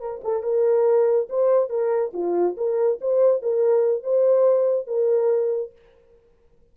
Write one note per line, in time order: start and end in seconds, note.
0.00 0.21 A#4
0.24 0.43 A4
0.43 1.28 A#4
1.30 1.70 C5
1.70 2.12 A#4
2.14 2.56 F4
2.57 3.00 A#4
3.01 3.43 C5
3.43 4.03 A#4
4.03 4.87 C5
4.87 5.73 A#4